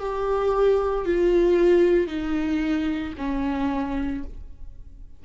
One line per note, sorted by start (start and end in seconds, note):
0.00 1.05 G4
1.05 2.07 F4
2.07 3.14 D#4
3.18 4.24 C#4